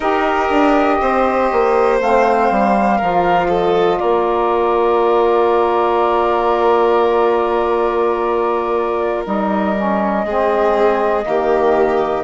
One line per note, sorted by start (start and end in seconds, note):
0.00 0.48 D#4
0.00 2.00 G4
0.00 0.97 A#4
0.00 1.97 D#5
0.50 1.00 D4
1.00 1.50 C4
1.00 2.97 C5
1.51 2.00 A#3
2.00 2.50 A3
2.00 3.00 C4
2.00 3.51 F5
2.50 3.00 G3
2.97 4.01 F3
2.97 9.24 F4
2.97 3.47 A#4
3.48 3.98 A4
3.48 3.98 D#5
3.98 9.26 A#3
3.98 10.24 A#4
3.98 9.23 D5
9.24 10.24 G3
9.24 9.74 D#4
9.24 12.24 D#5
9.75 10.25 C#4
10.24 11.24 G#3
10.24 11.23 C4
10.24 11.25 G#4
11.23 12.24 D#3
11.23 12.23 A#3
11.23 12.24 G4